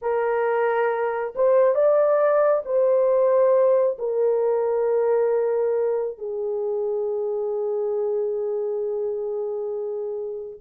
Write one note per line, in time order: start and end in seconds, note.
0.01 1.34 A#4
1.35 1.74 C5
1.74 2.62 D5
2.65 3.97 C5
3.98 6.18 A#4
6.18 10.59 G#4